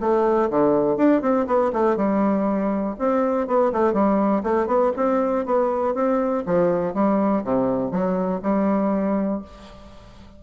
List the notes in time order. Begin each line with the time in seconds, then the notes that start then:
0.00 A3
0.50 D3
0.96 D4
1.21 C4
1.47 B3
1.73 A3
1.96 G3
2.99 C4
3.47 B3
3.72 A3
3.93 G3
4.43 A3
4.67 B3
4.96 C4
5.45 B3
5.94 C4
6.46 F3
6.94 G3
7.44 C3
7.91 F#3
8.42 G3